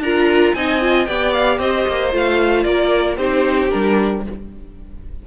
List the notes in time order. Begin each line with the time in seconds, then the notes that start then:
0.00 D4 F4 A#4 A#5
0.54 C4 D#4 D#5 G#5
0.81 F4
1.06 B3 G4 D5 G5
1.33 F5
1.59 C4 C5 D#5
1.87 A#3
2.12 A3 F4 F5
2.63 A#3 A#4 D5
3.17 C4 D#4 G4 C5
3.70 G3 D4 A#4